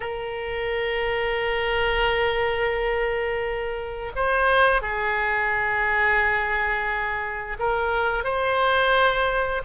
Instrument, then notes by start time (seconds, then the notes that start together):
oboe
0.00 A#4
4.15 C5
4.81 G#4
7.59 A#4
8.24 C5